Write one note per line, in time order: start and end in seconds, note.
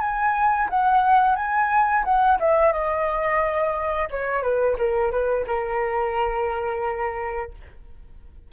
0.00 0.68 G#5
0.69 1.35 F#5
1.35 2.04 G#5
2.04 2.38 F#5
2.39 2.72 E5
2.72 4.08 D#5
4.10 4.42 C#5
4.42 4.76 B4
4.78 5.11 A#4
5.11 5.45 B4
5.47 7.51 A#4